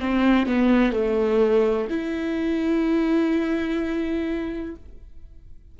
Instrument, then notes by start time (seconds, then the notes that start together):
viola
0.00 C4
0.46 B3
0.93 A3
1.90 E4